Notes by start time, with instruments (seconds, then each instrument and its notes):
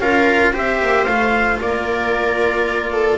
0.00 double bass C#4, cello F4, viola A#4, trumpet F5
0.53 double bass C4, cello G4, viola C5, trumpet E5
0.82 double bass A#3
1.05 double bass A3, cello F4, trumpet F5
1.61 double bass A#3, viola A#4, trumpet D5
2.93 viola A4